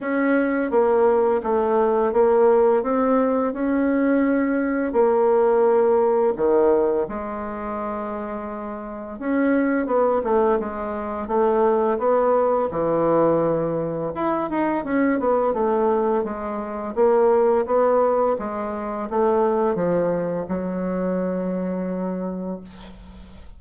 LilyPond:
\new Staff \with { instrumentName = "bassoon" } { \time 4/4 \tempo 4 = 85 cis'4 ais4 a4 ais4 | c'4 cis'2 ais4~ | ais4 dis4 gis2~ | gis4 cis'4 b8 a8 gis4 |
a4 b4 e2 | e'8 dis'8 cis'8 b8 a4 gis4 | ais4 b4 gis4 a4 | f4 fis2. | }